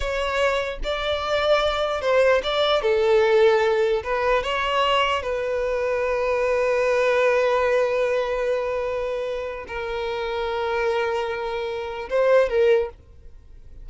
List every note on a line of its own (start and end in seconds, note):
0.00 0.79 C#5
0.83 2.01 D5
2.01 2.41 C5
2.43 2.82 D5
2.82 4.03 A4
4.03 4.43 B4
4.43 5.22 C#5
5.22 9.65 B4
9.67 12.09 A#4
12.09 12.49 C5
12.49 12.89 A#4